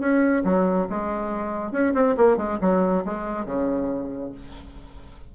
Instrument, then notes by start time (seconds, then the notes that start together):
bassoon
0.00 C#4
0.45 F#3
0.90 G#3
1.72 C#4
1.94 C4
2.17 A#3
2.37 G#3
2.61 F#3
3.05 G#3
3.46 C#3